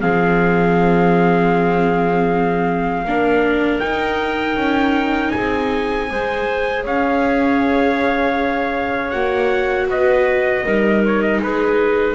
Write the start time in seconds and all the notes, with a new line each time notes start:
0.00 F3 C4 G#4 F5
3.05 A#3 D4 A#4
3.79 D#4 G5
4.56 C#4
5.31 C4 G#4 G#5
6.08 G#3 G#4 C5
6.83 C#4 C#5 F5
9.10 A#3 F#4 F#5
9.88 B3 B4 D#5
10.65 G3 D#4 A#4
11.05 C#5
11.22 D#5
11.39 G#3 G#4 B4